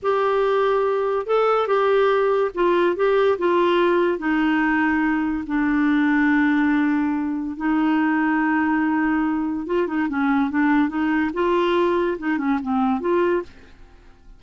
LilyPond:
\new Staff \with { instrumentName = "clarinet" } { \time 4/4 \tempo 4 = 143 g'2. a'4 | g'2 f'4 g'4 | f'2 dis'2~ | dis'4 d'2.~ |
d'2 dis'2~ | dis'2. f'8 dis'8 | cis'4 d'4 dis'4 f'4~ | f'4 dis'8 cis'8 c'4 f'4 | }